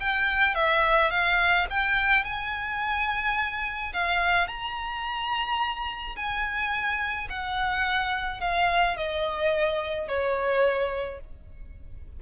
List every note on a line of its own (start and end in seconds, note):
0.00 0.55 G5
0.55 1.11 E5
1.11 1.67 F5
1.70 2.25 G5
2.25 3.93 G#5
3.93 4.48 F5
4.48 6.16 A#5
6.16 7.28 G#5
7.30 8.41 F#5
8.41 8.97 F5
8.97 10.08 D#5
10.08 11.20 C#5